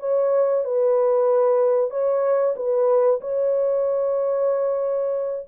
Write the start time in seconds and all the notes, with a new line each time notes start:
0.00 C#5
0.65 B4
1.90 C#5
2.56 B4
3.21 C#5